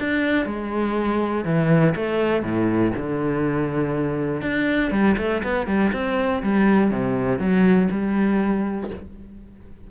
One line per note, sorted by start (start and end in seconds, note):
0.00 0.46 D4
0.46 1.45 G#3
1.45 1.95 E3
1.96 2.43 A3
2.43 2.93 A2
2.97 4.42 D3
4.42 4.92 D4
4.92 5.16 G3
5.18 5.43 A3
5.44 5.67 B3
5.67 5.92 G3
5.93 6.43 C4
6.43 6.91 G3
6.91 7.39 C3
7.39 7.89 F#3
7.92 8.91 G3